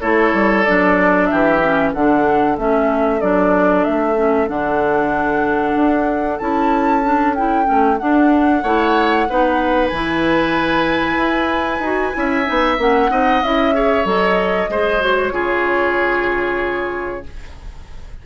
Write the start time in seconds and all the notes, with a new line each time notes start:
0.00 A3 E4 A4 C#5
0.34 G3
0.64 F#3 D4 D5
1.27 E3 G4 E5
1.63 C#4
1.93 D3 D4 A4 F#5
2.58 A3 C#4 E5
3.21 F#3 D4 D5
3.84 A3 E5
4.16 C#4
4.47 D3 D4 F#5
5.76 D4
6.39 C#4 E4 A5
7.04 D4
7.35 E4 G5
7.65 A3 C#4
7.98 D4 F#5
8.63 A3 E4 C#5
9.29 B3 D#4 B4
9.88 E3 G#5
9.94 E4
11.17 E4
11.80 D#4 F#4
12.13 C#4 E4 E5
12.46 B3 D#4
12.78 A#3 C#4 F#5
13.10 C4 D#4 D#5
13.42 C#4 E4 E5
13.74 G#4 C#5
14.05 F#3 A4 D#5
14.69 G#3 G#4 C5
15.00 F#4 C#5
15.32 C#3 F4 G#4